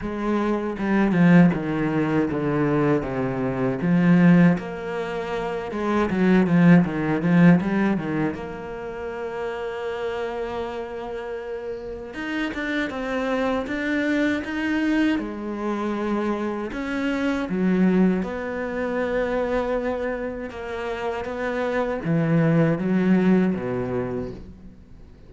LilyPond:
\new Staff \with { instrumentName = "cello" } { \time 4/4 \tempo 4 = 79 gis4 g8 f8 dis4 d4 | c4 f4 ais4. gis8 | fis8 f8 dis8 f8 g8 dis8 ais4~ | ais1 |
dis'8 d'8 c'4 d'4 dis'4 | gis2 cis'4 fis4 | b2. ais4 | b4 e4 fis4 b,4 | }